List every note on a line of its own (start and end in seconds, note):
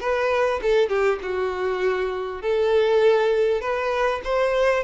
0.00 0.60 B4
0.62 0.89 A4
0.89 1.19 G4
1.22 2.42 F#4
2.42 3.61 A4
3.61 4.21 B4
4.24 4.84 C5